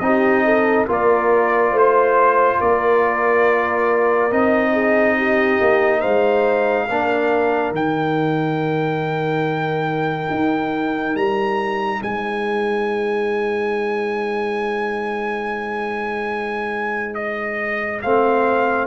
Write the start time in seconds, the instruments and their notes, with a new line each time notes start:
0.00 tuba C4, trombone D#4, horn G4, trumpet D#5
0.45 horn A4
0.88 tuba A#3, trombone F4, horn A#4, trumpet D5
1.72 tuba A3, horn C5, trumpet C5
2.60 tuba A#3, horn A#4, trumpet D5
4.32 tuba C4, trombone D#4, trumpet D#5
4.72 horn G#4
5.18 horn G4
5.61 tuba A#3
6.00 tuba G#3, horn C5, trumpet F5
6.87 tuba A#3, trombone D4, horn A#4
7.72 tuba D#3, trombone D#4, trumpet G5
10.30 tuba D#4
11.15 tuba G3, trumpet A#5
12.01 tuba G#3, horn C5, trumpet G#5
17.15 trumpet D#5
18.02 tuba A3, trombone C4, trumpet F5